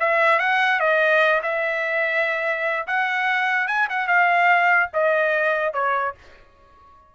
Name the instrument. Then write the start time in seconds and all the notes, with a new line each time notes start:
trumpet
0.00 E5
0.39 F#5
0.80 D#5
1.43 E5
2.87 F#5
3.68 G#5
3.90 F#5
4.08 F5
4.94 D#5
5.74 C#5